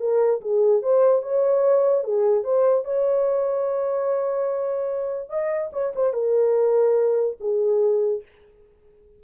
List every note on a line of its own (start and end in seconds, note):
0.00 0.41 A#4
0.41 0.83 G#4
0.83 1.23 C5
1.23 2.04 C#5
2.04 2.44 G#4
2.44 2.85 C5
2.85 5.30 C#5
5.30 5.71 D#5
5.73 5.94 C#5
5.96 6.14 C5
6.14 7.37 A#4
7.40 8.23 G#4